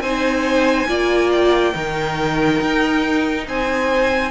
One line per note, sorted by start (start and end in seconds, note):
0.00 0.86 C4
0.00 0.87 D#4
0.00 0.88 C5
0.00 1.30 G#5
0.87 1.74 A#3
0.87 1.73 F4
0.87 1.73 D5
1.32 3.46 G5
1.73 2.61 D#3
1.73 4.30 D#4
1.73 3.45 A#4
2.62 3.47 D#4
3.47 4.31 C4
3.47 4.31 C5
3.47 4.31 G#5